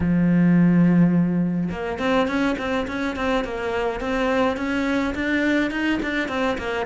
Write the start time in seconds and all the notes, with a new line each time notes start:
0.00 F3
1.71 A#3
1.98 C4
2.27 C#4
2.58 C4
2.87 C#4
3.16 C4
3.44 A#3
4.00 C4
4.57 C#4
5.14 D4
5.70 D#4
6.02 D4
6.28 C4
6.58 A#3